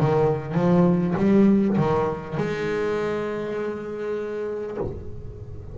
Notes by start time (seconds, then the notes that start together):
0.00 D#3
0.55 F3
1.17 G3
1.78 D#3
2.38 G#3